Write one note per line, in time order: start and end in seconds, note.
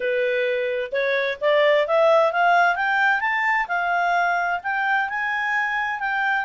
0.00 0.91 B4
0.92 1.38 C#5
1.41 1.87 D5
1.87 2.32 E5
2.32 2.75 F5
2.75 3.20 G5
3.20 3.66 A5
3.68 4.60 F5
4.63 5.09 G5
5.09 5.99 G#5
5.99 6.45 G5